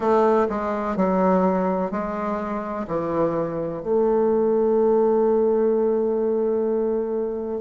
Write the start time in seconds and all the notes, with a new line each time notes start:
0.00 A3
0.48 G#3
0.96 F#3
1.90 G#3
2.87 E3
3.82 A3